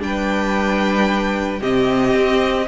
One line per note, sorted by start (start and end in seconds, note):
0.00 1.61 G3
0.00 1.59 D4
0.00 1.60 B4
0.00 1.62 G5
1.60 2.14 C3
1.60 2.68 C4
1.60 2.66 G4
1.60 2.68 D#5
2.14 2.67 C4